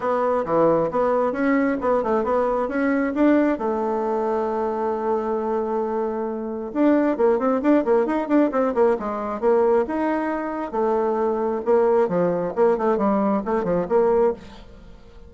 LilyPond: \new Staff \with { instrumentName = "bassoon" } { \time 4/4 \tempo 4 = 134 b4 e4 b4 cis'4 | b8 a8 b4 cis'4 d'4 | a1~ | a2. d'4 |
ais8 c'8 d'8 ais8 dis'8 d'8 c'8 ais8 | gis4 ais4 dis'2 | a2 ais4 f4 | ais8 a8 g4 a8 f8 ais4 | }